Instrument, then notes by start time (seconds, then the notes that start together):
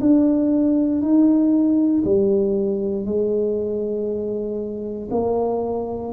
tuba
0.00 D4
1.01 D#4
2.04 G3
3.05 G#3
5.10 A#3